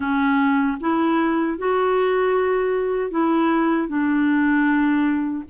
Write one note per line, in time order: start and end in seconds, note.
0.00 0.78 C#4
0.80 1.58 E4
1.58 3.11 F#4
3.11 3.87 E4
3.87 5.44 D4